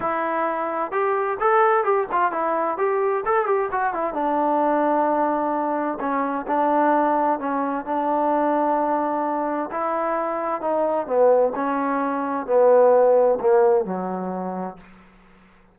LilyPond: \new Staff \with { instrumentName = "trombone" } { \time 4/4 \tempo 4 = 130 e'2 g'4 a'4 | g'8 f'8 e'4 g'4 a'8 g'8 | fis'8 e'8 d'2.~ | d'4 cis'4 d'2 |
cis'4 d'2.~ | d'4 e'2 dis'4 | b4 cis'2 b4~ | b4 ais4 fis2 | }